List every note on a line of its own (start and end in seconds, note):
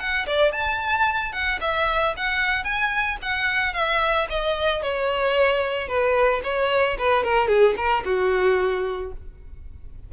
0.00 0.27 F#5
0.27 0.52 D5
0.52 1.33 A5
1.33 1.60 F#5
1.61 2.15 E5
2.17 2.64 F#5
2.64 3.18 G#5
3.23 3.74 F#5
3.74 4.28 E5
4.30 4.83 D#5
4.83 5.88 C#5
5.88 6.42 B4
6.44 6.98 C#5
6.99 7.24 B4
7.24 7.48 A#4
7.48 7.75 G#4
7.77 8.04 A#4
8.06 9.13 F#4